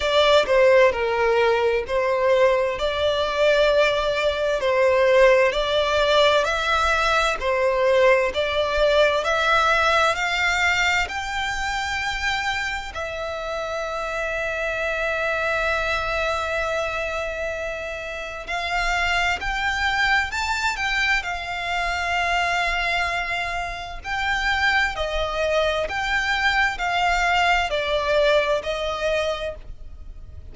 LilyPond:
\new Staff \with { instrumentName = "violin" } { \time 4/4 \tempo 4 = 65 d''8 c''8 ais'4 c''4 d''4~ | d''4 c''4 d''4 e''4 | c''4 d''4 e''4 f''4 | g''2 e''2~ |
e''1 | f''4 g''4 a''8 g''8 f''4~ | f''2 g''4 dis''4 | g''4 f''4 d''4 dis''4 | }